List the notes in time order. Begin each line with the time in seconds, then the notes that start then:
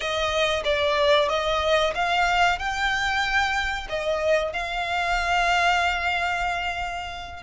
0.00 D#5
0.64 D5
1.28 D#5
1.94 F5
2.58 G5
3.89 D#5
4.52 F5